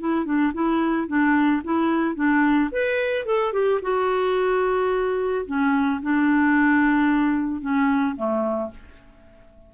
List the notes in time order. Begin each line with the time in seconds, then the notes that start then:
0.00 E4
0.25 D4
0.54 E4
1.08 D4
1.64 E4
2.15 D4
2.72 B4
3.26 A4
3.53 G4
3.82 F#4
5.46 C#4
6.02 D4
7.61 C#4
8.16 A3